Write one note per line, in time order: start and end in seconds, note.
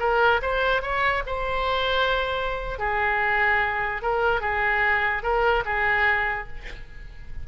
0.00 0.41 A#4
0.42 0.82 C5
0.82 1.23 C#5
1.27 2.79 C5
2.79 4.02 G#4
4.02 4.41 A#4
4.41 5.23 G#4
5.23 5.64 A#4
5.65 6.48 G#4